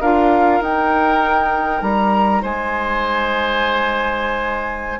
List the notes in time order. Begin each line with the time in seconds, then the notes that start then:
0.00 D4 F4 A#4 F5
0.60 D#4 G5
1.82 G3 A#5
2.42 G#3 C5 G#5